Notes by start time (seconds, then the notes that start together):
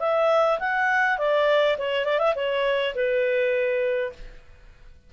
0.00 E5
0.59 F#5
1.18 D5
1.78 C#5
2.05 D5
2.19 E5
2.35 C#5
2.95 B4